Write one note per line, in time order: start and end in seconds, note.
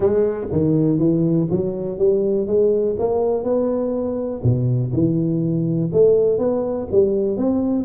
0.00 0.47 G#3
0.52 0.98 D#3
0.98 1.48 E3
1.50 1.98 F#3
1.98 2.47 G3
2.47 2.96 G#3
2.98 3.43 A#3
3.43 4.42 B3
4.43 4.92 B2
4.92 5.91 E3
5.92 6.38 A3
6.38 6.87 B3
6.91 7.37 G3
7.37 7.85 C4